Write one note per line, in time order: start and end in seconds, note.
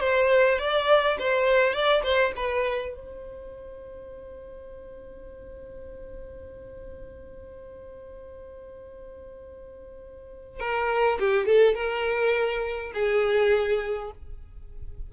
0.00 0.59 C5
0.59 1.17 D5
1.19 1.73 C5
1.73 2.02 D5
2.03 2.32 C5
2.36 2.95 B4
2.95 10.60 C5
10.60 11.18 A#4
11.19 11.45 G4
11.45 11.74 A4
11.74 12.92 A#4
12.93 14.11 G#4